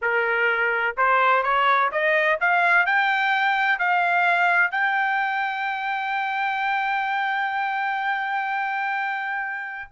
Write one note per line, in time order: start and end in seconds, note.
0.01 0.96 A#4
0.97 1.43 C5
1.43 1.90 C#5
1.91 2.39 D#5
2.40 2.86 F5
2.86 3.79 G5
3.79 4.71 F5
4.71 9.91 G5